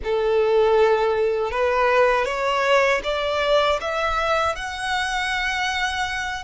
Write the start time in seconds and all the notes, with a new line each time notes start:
0.04 A4
1.51 B4
2.25 C#5
3.03 D5
3.80 E5
4.55 F#5